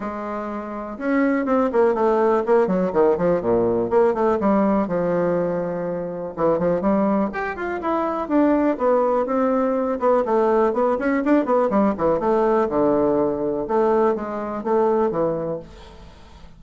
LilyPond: \new Staff \with { instrumentName = "bassoon" } { \time 4/4 \tempo 4 = 123 gis2 cis'4 c'8 ais8 | a4 ais8 fis8 dis8 f8 ais,4 | ais8 a8 g4 f2~ | f4 e8 f8 g4 g'8 f'8 |
e'4 d'4 b4 c'4~ | c'8 b8 a4 b8 cis'8 d'8 b8 | g8 e8 a4 d2 | a4 gis4 a4 e4 | }